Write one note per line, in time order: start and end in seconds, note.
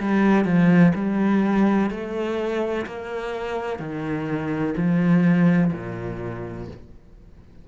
0.00 0.45 G3
0.45 0.93 F3
0.95 1.90 G3
1.90 2.86 A3
2.86 3.80 A#3
3.80 4.75 D#3
4.77 5.72 F3
5.73 6.68 A#2